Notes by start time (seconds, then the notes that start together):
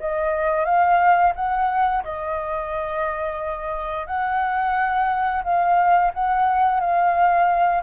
0.00 D#5
0.65 F5
1.36 F#5
2.04 D#5
4.07 F#5
5.44 F5
6.14 F#5
6.80 F5